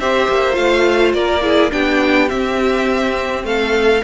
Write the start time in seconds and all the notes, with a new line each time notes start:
0.00 C4 G4 C5 E5
0.29 A#3
0.52 A3 F4 F5
1.14 A#3 A#4 D5
1.42 E4 G#4
1.72 B3 D4 G4 G5
2.29 C4 E5
3.44 A3 A4 F5